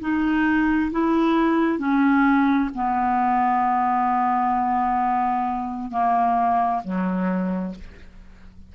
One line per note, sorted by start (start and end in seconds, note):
0.00 0.91 D#4
0.91 1.79 E4
1.79 2.69 C#4
2.75 5.90 B3
5.90 6.81 A#3
6.84 7.75 F#3